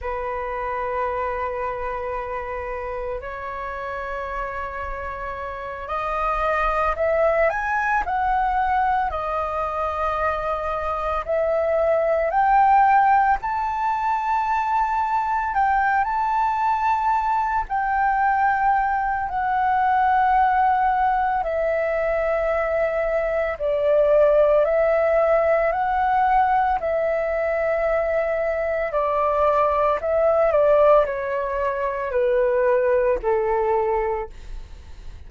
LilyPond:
\new Staff \with { instrumentName = "flute" } { \time 4/4 \tempo 4 = 56 b'2. cis''4~ | cis''4. dis''4 e''8 gis''8 fis''8~ | fis''8 dis''2 e''4 g''8~ | g''8 a''2 g''8 a''4~ |
a''8 g''4. fis''2 | e''2 d''4 e''4 | fis''4 e''2 d''4 | e''8 d''8 cis''4 b'4 a'4 | }